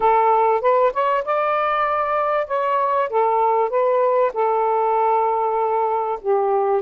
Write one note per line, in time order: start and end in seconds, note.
0.00 0.61 A4
0.61 0.92 B4
0.93 1.24 C#5
1.24 2.47 D5
2.47 3.09 C#5
3.09 3.69 A4
3.69 4.31 B4
4.33 6.19 A4
6.21 6.82 G4